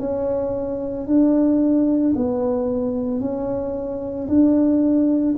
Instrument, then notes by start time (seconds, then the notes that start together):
tuba
0.00 C#4
1.07 D4
2.16 B3
3.20 C#4
4.29 D4